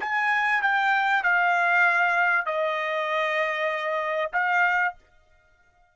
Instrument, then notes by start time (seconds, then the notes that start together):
trumpet
0.00 G#5
0.62 G5
1.23 F5
2.46 D#5
4.33 F5